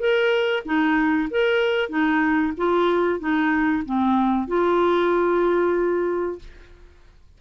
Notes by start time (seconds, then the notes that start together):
0.00 A#4
0.66 D#4
1.31 A#4
1.89 D#4
2.58 F4
3.20 D#4
3.86 C4
4.48 F4